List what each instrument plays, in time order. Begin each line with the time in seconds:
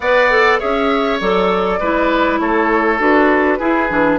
0.00 bassoon B3, clarinet B4, oboe D5, flute F#5
0.30 clarinet A4
0.59 bassoon C#4, clarinet G#4, oboe C#5, flute E5
1.20 bassoon F#3, clarinet A4, flute D5
1.79 bassoon G#3, clarinet E4, oboe B4
2.39 bassoon A3, oboe A4, flute C#5
2.98 bassoon D4, clarinet F#4, flute B4
3.58 clarinet E4, bassoon E4, oboe G#4
3.89 bassoon E3, clarinet D4